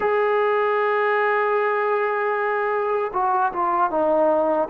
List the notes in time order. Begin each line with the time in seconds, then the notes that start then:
0.00 G#4
3.13 F#4
3.52 F4
3.90 D#4